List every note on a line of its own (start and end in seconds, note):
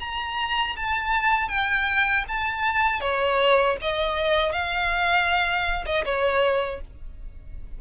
0.00 0.76 A#5
0.77 1.49 A5
1.49 2.25 G5
2.29 3.01 A5
3.01 3.77 C#5
3.82 4.52 D#5
4.52 5.86 F5
5.86 6.05 D#5
6.05 6.81 C#5